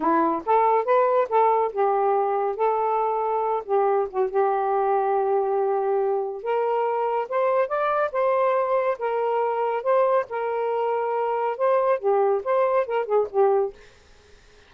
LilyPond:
\new Staff \with { instrumentName = "saxophone" } { \time 4/4 \tempo 4 = 140 e'4 a'4 b'4 a'4 | g'2 a'2~ | a'8 g'4 fis'8 g'2~ | g'2. ais'4~ |
ais'4 c''4 d''4 c''4~ | c''4 ais'2 c''4 | ais'2. c''4 | g'4 c''4 ais'8 gis'8 g'4 | }